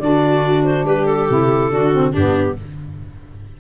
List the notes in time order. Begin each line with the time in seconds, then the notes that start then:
0.00 D3 D4 F#4 D5
0.64 C5
0.85 G3 G4 B4
1.06 A4
1.29 C3 E4
1.71 D3 D4 F#4
1.93 C4
2.12 G2 B3 D4 G4